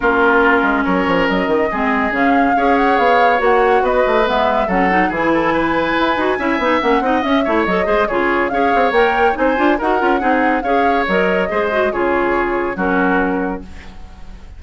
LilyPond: <<
  \new Staff \with { instrumentName = "flute" } { \time 4/4 \tempo 4 = 141 ais'2 cis''4 dis''4~ | dis''4 f''4. fis''8 f''4 | fis''4 dis''4 e''4 fis''4 | gis''1 |
fis''4 e''4 dis''4 cis''4 | f''4 g''4 gis''4 fis''4~ | fis''4 f''4 dis''2 | cis''2 ais'2 | }
  \new Staff \with { instrumentName = "oboe" } { \time 4/4 f'2 ais'2 | gis'2 cis''2~ | cis''4 b'2 a'4 | gis'8 a'8 b'2 e''4~ |
e''8 dis''4 cis''4 c''8 gis'4 | cis''2 c''4 ais'4 | gis'4 cis''2 c''4 | gis'2 fis'2 | }
  \new Staff \with { instrumentName = "clarinet" } { \time 4/4 cis'1 | c'4 cis'4 gis'2 | fis'2 b4 cis'8 dis'8 | e'2~ e'8 fis'8 e'8 dis'8 |
cis'8 dis'8 cis'8 e'8 a'8 gis'8 f'4 | gis'4 ais'4 dis'8 f'8 fis'8 f'8 | dis'4 gis'4 ais'4 gis'8 fis'8 | f'2 cis'2 | }
  \new Staff \with { instrumentName = "bassoon" } { \time 4/4 ais4. gis8 fis8 f8 fis8 dis8 | gis4 cis4 cis'4 b4 | ais4 b8 a8 gis4 fis4 | e2 e'8 dis'8 cis'8 b8 |
ais8 c'8 cis'8 a8 fis8 gis8 cis4 | cis'8 c'8 ais4 c'8 d'8 dis'8 cis'8 | c'4 cis'4 fis4 gis4 | cis2 fis2 | }
>>